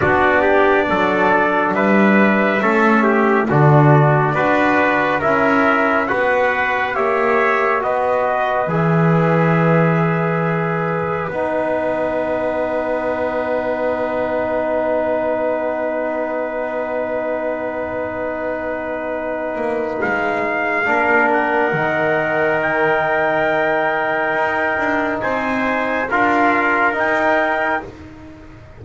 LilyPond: <<
  \new Staff \with { instrumentName = "trumpet" } { \time 4/4 \tempo 4 = 69 d''2 e''2 | d''2 e''4 fis''4 | e''4 dis''4 e''2~ | e''4 fis''2.~ |
fis''1~ | fis''2. f''4~ | f''8 fis''4. g''2~ | g''4 gis''4 f''4 g''4 | }
  \new Staff \with { instrumentName = "trumpet" } { \time 4/4 fis'8 g'8 a'4 b'4 a'8 g'8 | fis'4 b'4 ais'4 b'4 | cis''4 b'2.~ | b'1~ |
b'1~ | b'1 | ais'1~ | ais'4 c''4 ais'2 | }
  \new Staff \with { instrumentName = "trombone" } { \time 4/4 d'2. cis'4 | d'4 fis'4 e'4 fis'4 | g'4 fis'4 gis'2~ | gis'4 dis'2.~ |
dis'1~ | dis'1 | d'4 dis'2.~ | dis'2 f'4 dis'4 | }
  \new Staff \with { instrumentName = "double bass" } { \time 4/4 b4 fis4 g4 a4 | d4 d'4 cis'4 b4 | ais4 b4 e2~ | e4 b2.~ |
b1~ | b2~ b8 ais8 gis4 | ais4 dis2. | dis'8 d'8 c'4 d'4 dis'4 | }
>>